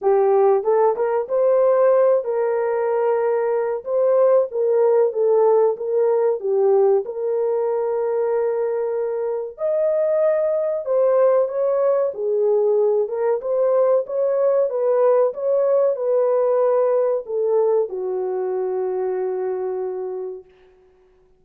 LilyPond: \new Staff \with { instrumentName = "horn" } { \time 4/4 \tempo 4 = 94 g'4 a'8 ais'8 c''4. ais'8~ | ais'2 c''4 ais'4 | a'4 ais'4 g'4 ais'4~ | ais'2. dis''4~ |
dis''4 c''4 cis''4 gis'4~ | gis'8 ais'8 c''4 cis''4 b'4 | cis''4 b'2 a'4 | fis'1 | }